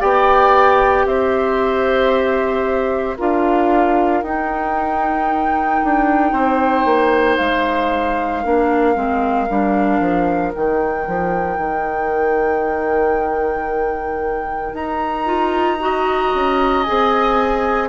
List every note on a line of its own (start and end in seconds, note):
0.00 1.06 B3
0.00 3.16 G4
0.00 1.05 D5
0.00 1.07 G5
1.06 3.16 C4
1.06 3.17 C5
1.06 3.17 E5
3.17 4.23 D4
3.17 4.23 F4
3.17 6.33 A#4
3.17 4.23 F5
4.23 5.81 D#4
4.23 8.45 D#4
4.23 7.37 G5
5.84 6.32 D4
6.32 6.85 C4
6.32 8.43 C5
6.85 7.38 A#3
7.37 8.45 G#3
7.37 10.53 F5
8.43 8.96 A#3
8.43 8.95 D4
8.43 15.80 A#4
8.95 9.48 G#3
8.95 9.47 C4
9.50 10.00 G3
9.50 10.54 D4
10.00 10.53 F3
10.54 11.07 D#3
10.54 15.25 D#4
10.54 14.75 G5
11.07 11.57 F3
11.57 14.73 D#3
14.74 16.32 D#4
14.74 16.83 A#5
15.25 15.78 F4
15.80 16.85 F#4
15.80 17.89 D#5
16.35 16.87 C#4
16.83 17.89 G#4
16.83 17.89 G#5
16.89 17.89 C4